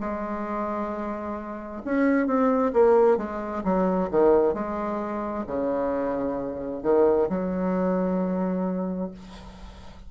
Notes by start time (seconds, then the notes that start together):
0.00 G#3
1.85 C#4
2.27 C4
2.73 A#3
3.17 G#3
3.64 F#3
4.11 D#3
4.54 G#3
5.47 C#3
6.83 D#3
7.29 F#3